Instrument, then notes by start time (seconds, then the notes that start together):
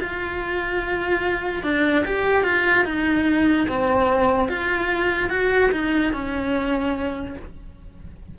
cello
0.00 F4
1.63 D4
2.05 G4
2.44 F4
2.85 D#4
3.68 C4
4.49 F4
5.30 F#4
5.72 D#4
6.13 C#4